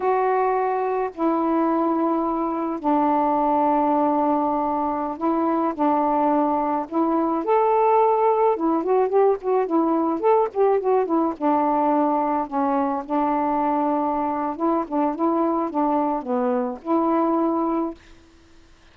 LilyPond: \new Staff \with { instrumentName = "saxophone" } { \time 4/4 \tempo 4 = 107 fis'2 e'2~ | e'4 d'2.~ | d'4~ d'16 e'4 d'4.~ d'16~ | d'16 e'4 a'2 e'8 fis'16~ |
fis'16 g'8 fis'8 e'4 a'8 g'8 fis'8 e'16~ | e'16 d'2 cis'4 d'8.~ | d'2 e'8 d'8 e'4 | d'4 b4 e'2 | }